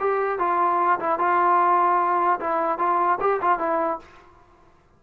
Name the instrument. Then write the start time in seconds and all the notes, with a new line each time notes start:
trombone
0.00 G4
0.39 F4
1.00 E4
1.19 F4
2.40 E4
2.79 F4
3.20 G4
3.42 F4
3.59 E4